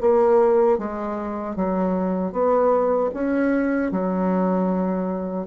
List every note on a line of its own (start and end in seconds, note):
0.00 0.78 A#3
0.78 1.55 G#3
1.55 2.32 F#3
2.32 3.10 B3
3.13 3.91 C#4
3.91 5.47 F#3